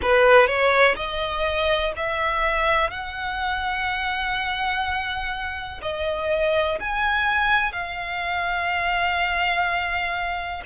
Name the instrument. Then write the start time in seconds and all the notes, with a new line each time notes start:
violin
0.02 B4
0.47 C#5
0.96 D#5
1.96 E5
2.90 F#5
5.82 D#5
6.80 G#5
7.72 F5